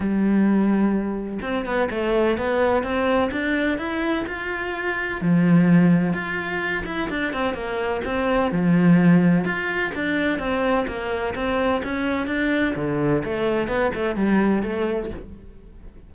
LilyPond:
\new Staff \with { instrumentName = "cello" } { \time 4/4 \tempo 4 = 127 g2. c'8 b8 | a4 b4 c'4 d'4 | e'4 f'2 f4~ | f4 f'4. e'8 d'8 c'8 |
ais4 c'4 f2 | f'4 d'4 c'4 ais4 | c'4 cis'4 d'4 d4 | a4 b8 a8 g4 a4 | }